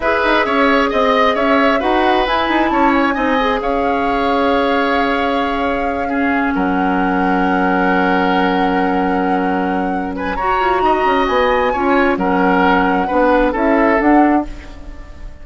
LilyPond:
<<
  \new Staff \with { instrumentName = "flute" } { \time 4/4 \tempo 4 = 133 e''2 dis''4 e''4 | fis''4 gis''4 a''8 gis''4. | f''1~ | f''2~ f''8 fis''4.~ |
fis''1~ | fis''2~ fis''8 gis''8 ais''4~ | ais''4 gis''2 fis''4~ | fis''2 e''4 fis''4 | }
  \new Staff \with { instrumentName = "oboe" } { \time 4/4 b'4 cis''4 dis''4 cis''4 | b'2 cis''4 dis''4 | cis''1~ | cis''4. gis'4 ais'4.~ |
ais'1~ | ais'2~ ais'8 b'8 cis''4 | dis''2 cis''4 ais'4~ | ais'4 b'4 a'2 | }
  \new Staff \with { instrumentName = "clarinet" } { \time 4/4 gis'1 | fis'4 e'2 dis'8 gis'8~ | gis'1~ | gis'4. cis'2~ cis'8~ |
cis'1~ | cis'2. fis'4~ | fis'2 f'4 cis'4~ | cis'4 d'4 e'4 d'4 | }
  \new Staff \with { instrumentName = "bassoon" } { \time 4/4 e'8 dis'8 cis'4 c'4 cis'4 | dis'4 e'8 dis'8 cis'4 c'4 | cis'1~ | cis'2~ cis'8 fis4.~ |
fis1~ | fis2. fis'8 f'8 | dis'8 cis'8 b4 cis'4 fis4~ | fis4 b4 cis'4 d'4 | }
>>